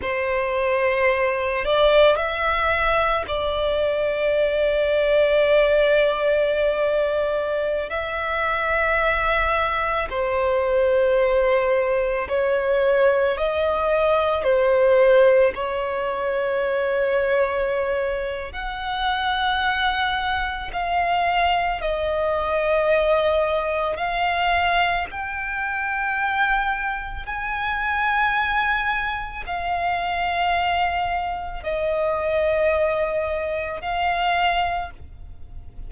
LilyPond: \new Staff \with { instrumentName = "violin" } { \time 4/4 \tempo 4 = 55 c''4. d''8 e''4 d''4~ | d''2.~ d''16 e''8.~ | e''4~ e''16 c''2 cis''8.~ | cis''16 dis''4 c''4 cis''4.~ cis''16~ |
cis''4 fis''2 f''4 | dis''2 f''4 g''4~ | g''4 gis''2 f''4~ | f''4 dis''2 f''4 | }